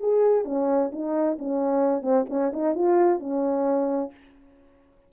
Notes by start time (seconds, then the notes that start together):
0.00 G#4
0.45 C#4
0.92 D#4
1.39 C#4
2.02 C4
2.29 C#4
2.53 D#4
2.75 F4
3.20 C#4